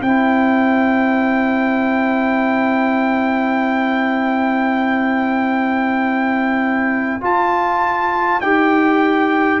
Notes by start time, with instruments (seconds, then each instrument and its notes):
0.00 tuba C4, trombone E4, horn C5, trumpet G5
7.21 trombone F4, tuba F4, trumpet A5
8.40 tuba D#4, trombone G4, trumpet G5